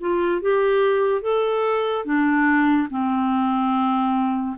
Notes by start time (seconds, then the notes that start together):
0.00 F4
0.41 G4
1.22 A4
2.05 D4
2.90 C4